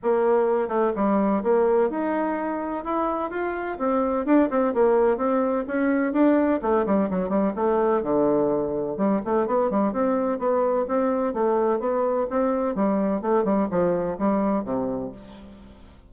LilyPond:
\new Staff \with { instrumentName = "bassoon" } { \time 4/4 \tempo 4 = 127 ais4. a8 g4 ais4 | dis'2 e'4 f'4 | c'4 d'8 c'8 ais4 c'4 | cis'4 d'4 a8 g8 fis8 g8 |
a4 d2 g8 a8 | b8 g8 c'4 b4 c'4 | a4 b4 c'4 g4 | a8 g8 f4 g4 c4 | }